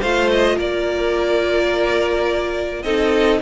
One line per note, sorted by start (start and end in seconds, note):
0.00 0.58 A3
0.00 2.85 F4
0.00 0.57 C5
0.00 0.30 F5
0.31 0.59 D#5
0.57 2.84 A#3
0.57 2.84 A#4
0.57 2.83 D5
2.83 3.41 C4
2.83 3.42 D#4
2.83 3.42 A4
2.83 3.40 D#5